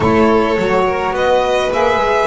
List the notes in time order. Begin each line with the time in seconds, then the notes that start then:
0.00 A3 E4 A4 C#5
0.57 F#3 F#4
0.86 A#4
1.10 B3 B4 D#5
1.71 A#3 G#4 E5
1.96 G#3